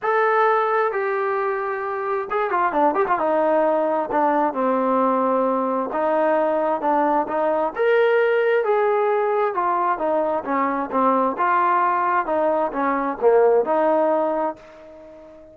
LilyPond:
\new Staff \with { instrumentName = "trombone" } { \time 4/4 \tempo 4 = 132 a'2 g'2~ | g'4 gis'8 f'8 d'8 g'16 f'16 dis'4~ | dis'4 d'4 c'2~ | c'4 dis'2 d'4 |
dis'4 ais'2 gis'4~ | gis'4 f'4 dis'4 cis'4 | c'4 f'2 dis'4 | cis'4 ais4 dis'2 | }